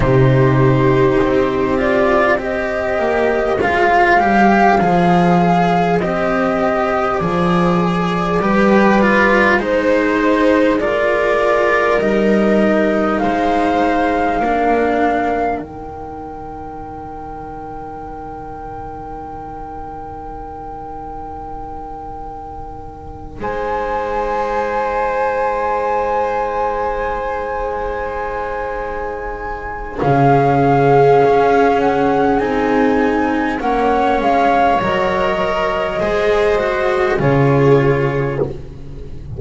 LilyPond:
<<
  \new Staff \with { instrumentName = "flute" } { \time 4/4 \tempo 4 = 50 c''4. d''8 dis''4 f''4~ | f''4 dis''4 d''2 | c''4 d''4 dis''4 f''4~ | f''4 g''2.~ |
g''2.~ g''8 gis''8~ | gis''1~ | gis''4 f''4. fis''8 gis''4 | fis''8 f''8 dis''2 cis''4 | }
  \new Staff \with { instrumentName = "viola" } { \time 4/4 g'2 c''2~ | c''2. b'4 | c''4 ais'2 c''4 | ais'1~ |
ais'2.~ ais'8 c''8~ | c''1~ | c''4 gis'2. | cis''2 c''4 gis'4 | }
  \new Staff \with { instrumentName = "cello" } { \time 4/4 dis'4. f'8 g'4 f'8 g'8 | gis'4 g'4 gis'4 g'8 f'8 | dis'4 f'4 dis'2 | d'4 dis'2.~ |
dis'1~ | dis'1~ | dis'4 cis'2 dis'4 | cis'4 ais'4 gis'8 fis'8 f'4 | }
  \new Staff \with { instrumentName = "double bass" } { \time 4/4 c4 c'4. ais8 gis8 g8 | f4 c'4 f4 g4 | gis2 g4 gis4 | ais4 dis2.~ |
dis2.~ dis8 gis8~ | gis1~ | gis4 cis4 cis'4 c'4 | ais8 gis8 fis4 gis4 cis4 | }
>>